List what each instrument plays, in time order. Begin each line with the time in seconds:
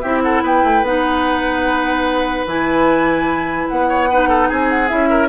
0.00 bassoon C4, clarinet E4, oboe G4, flute E5
0.23 oboe A4, flute F#5
0.42 bassoon B3, oboe B4, flute G5
0.64 bassoon A3
0.83 bassoon B3, clarinet D#4, flute F#5
2.47 bassoon E3, clarinet E4, flute G#5
3.68 bassoon B3, flute F#5
3.89 oboe C#5
4.10 clarinet D#4, oboe B4
4.29 oboe A4
4.49 bassoon C4, oboe G#4, flute G#5
4.69 flute F#5
4.88 bassoon C#4, clarinet E4, flute E5
5.10 oboe A#4